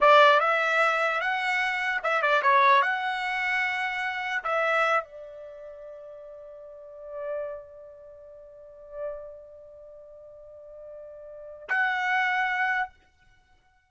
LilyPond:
\new Staff \with { instrumentName = "trumpet" } { \time 4/4 \tempo 4 = 149 d''4 e''2 fis''4~ | fis''4 e''8 d''8 cis''4 fis''4~ | fis''2. e''4~ | e''8 d''2.~ d''8~ |
d''1~ | d''1~ | d''1~ | d''4 fis''2. | }